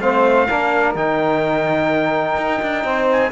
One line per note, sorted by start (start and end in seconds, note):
0.00 0.47 A3
0.00 0.48 C4
0.00 0.47 C5
0.00 0.95 F5
0.47 0.95 A#3
0.47 0.96 D4
0.47 2.83 A#4
0.95 2.37 D#3
0.95 3.31 D#4
0.95 3.08 G5
2.37 2.61 D#4
2.62 2.84 D4
2.84 3.31 C4
2.84 3.31 C5
3.12 3.31 G#5